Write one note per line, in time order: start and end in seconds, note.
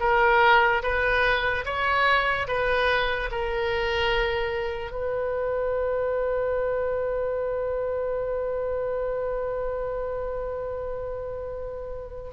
0.00 0.82 A#4
0.82 1.64 B4
1.65 2.47 C#5
2.47 3.29 B4
3.31 4.91 A#4
4.91 12.31 B4